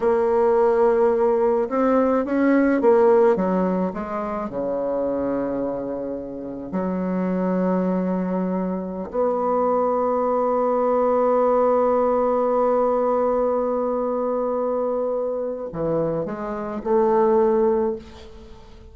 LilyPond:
\new Staff \with { instrumentName = "bassoon" } { \time 4/4 \tempo 4 = 107 ais2. c'4 | cis'4 ais4 fis4 gis4 | cis1 | fis1~ |
fis16 b2.~ b8.~ | b1~ | b1 | e4 gis4 a2 | }